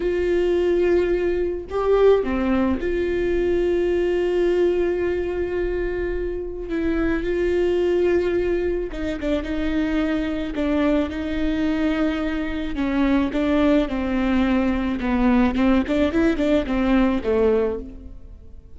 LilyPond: \new Staff \with { instrumentName = "viola" } { \time 4/4 \tempo 4 = 108 f'2. g'4 | c'4 f'2.~ | f'1 | e'4 f'2. |
dis'8 d'8 dis'2 d'4 | dis'2. cis'4 | d'4 c'2 b4 | c'8 d'8 e'8 d'8 c'4 a4 | }